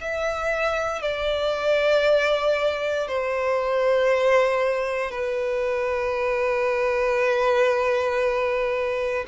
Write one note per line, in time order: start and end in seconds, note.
0.00 1.01 E5
1.01 3.08 D5
3.08 5.11 C5
5.11 9.24 B4